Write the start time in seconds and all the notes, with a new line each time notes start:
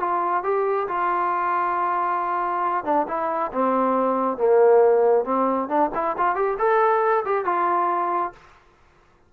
0.00 F4
0.44 G4
0.88 F4
2.85 D4
3.08 E4
3.52 C4
4.38 A#3
5.25 C4
5.69 D4
5.94 E4
6.17 F4
6.35 G4
6.59 A4
7.25 G4
7.45 F4